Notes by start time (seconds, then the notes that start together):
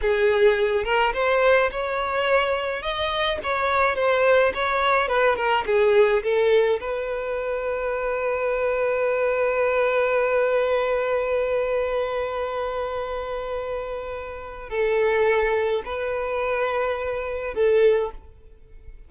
0.01 G#4
0.84 A#4
1.13 C5
1.71 C#5
2.82 D#5
3.43 C#5
3.95 C5
4.54 C#5
5.08 B4
5.36 A#4
5.66 G#4
6.23 A4
6.80 B4
14.69 A4
15.85 B4
17.54 A4